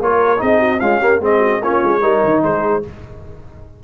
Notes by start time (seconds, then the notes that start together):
0.00 A#3 F4 A#4 C#5
0.37 C4 D#4 G#4 D#5
0.59 F#4
0.79 G#3 C#4 F4 F5
0.99 A#3 G4
1.20 G#3 C4 G#4 D#5
1.38 F#4
1.61 A#3 C#4 F4 C#5
1.83 G#3
2.01 G3 D#4 A#4
2.23 D#3
2.42 G#3 G#4 C5